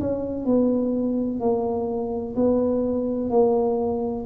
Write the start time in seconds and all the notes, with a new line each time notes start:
0.00 C#4
0.45 B3
1.40 A#3
2.36 B3
3.30 A#3